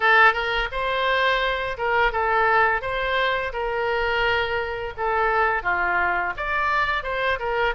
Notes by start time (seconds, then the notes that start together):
0.00 A4
0.33 A#4
0.71 C5
1.77 A#4
2.11 A4
2.81 C5
3.52 A#4
4.97 A4
5.62 F4
6.36 D5
7.03 C5
7.39 A#4